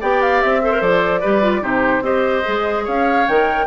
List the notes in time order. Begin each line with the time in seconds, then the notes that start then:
0.00 B3 G4 D5 G5
0.21 F5
0.41 C4 E5
0.62 A4 C5
0.72 A#4
0.80 F3 A4 D5
1.20 G3 G4 B4
1.42 F4
1.61 C3 D#4 G4 C5
2.01 C4 G4 C5 D#5
2.44 G#3 G#4
2.84 C#4 C#5 F5
3.28 D#3 A#4 G5